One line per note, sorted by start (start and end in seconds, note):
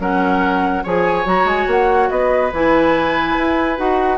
0.00 0.84 F#3
0.00 0.85 C#4
0.00 0.84 A#4
0.00 0.86 F#5
0.84 1.26 F3
0.84 1.26 G#4
0.84 2.10 C#5
0.84 1.28 G#5
1.26 1.45 F#3
1.26 2.51 F#4
1.26 1.48 A#5
1.45 1.66 G#3
1.45 1.69 G#5
1.68 2.10 A#3
1.68 2.10 F#5
2.10 2.53 B3
2.10 4.19 B4
2.10 2.52 D#5
2.53 3.37 E3
2.53 3.77 E4
2.53 3.79 G#5
3.38 3.79 E4
3.77 4.19 D#4
3.77 4.19 F#4
3.77 4.19 F#5